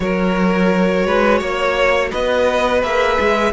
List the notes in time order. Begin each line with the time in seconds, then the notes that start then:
0.00 F#3 F#4 A#4 C#5
1.06 G#3 B4
1.38 A#3 C#5
2.10 B3 B4 D#5
2.82 A#3 G#4 E5
3.19 G#3